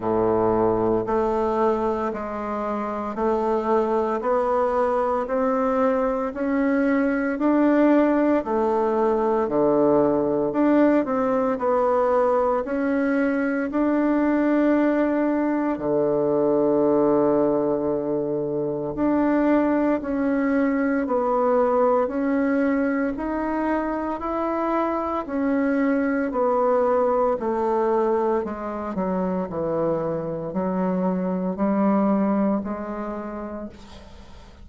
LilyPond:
\new Staff \with { instrumentName = "bassoon" } { \time 4/4 \tempo 4 = 57 a,4 a4 gis4 a4 | b4 c'4 cis'4 d'4 | a4 d4 d'8 c'8 b4 | cis'4 d'2 d4~ |
d2 d'4 cis'4 | b4 cis'4 dis'4 e'4 | cis'4 b4 a4 gis8 fis8 | e4 fis4 g4 gis4 | }